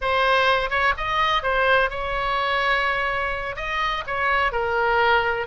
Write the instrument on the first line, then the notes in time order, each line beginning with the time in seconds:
oboe
0.01 C5
0.69 C#5
0.97 D#5
1.42 C5
1.90 C#5
3.56 D#5
4.06 C#5
4.52 A#4